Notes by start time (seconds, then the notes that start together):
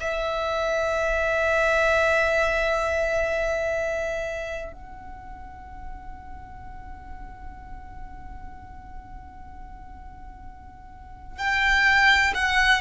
0.00 E5
4.73 F#5
11.39 G5
12.35 F#5